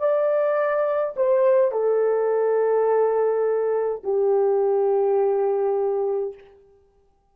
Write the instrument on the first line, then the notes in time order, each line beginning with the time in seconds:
horn
0.00 D5
1.17 C5
1.72 A4
4.04 G4